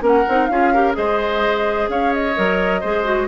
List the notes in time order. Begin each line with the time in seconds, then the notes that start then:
0.00 A#3 C#4 A#4
0.07 F#5
0.29 C4 D#4
0.47 C#4 F4 G#4 F5
0.73 G4 A#4
0.94 G#3 G#4 C5 D#5
1.89 C#4 C#5 F5
2.13 D#5
2.36 F#3 A#4
2.81 G#3 G#4 C5
3.04 F#4